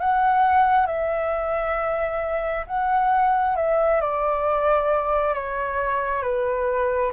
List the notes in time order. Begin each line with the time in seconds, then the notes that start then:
0.00 F#5
0.86 E5
2.67 F#5
3.56 E5
4.01 D5
5.34 C#5
6.22 B4